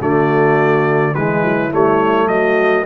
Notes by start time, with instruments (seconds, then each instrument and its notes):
0.00 tuba D3, trombone A3, horn F#4, trumpet D5
1.15 tuba E3, trombone G#3, horn E4, trumpet B4
1.44 tuba F#3
1.71 tuba G3, trombone A3, trumpet C#5
2.28 tuba F#3, horn F#4, trumpet D#5